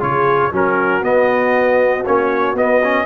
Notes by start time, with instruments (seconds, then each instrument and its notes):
0.00 tuba C#3, trombone F4, horn G#4, trumpet C#5
0.51 tuba F#3, trombone C#4, horn F#4, trumpet A#4
1.02 tuba B3, trombone B3, trumpet D#5
2.05 tuba A#3, trombone C#4, trumpet C#5
2.54 tuba B3, trombone B3, trumpet D#5
2.83 trombone C#4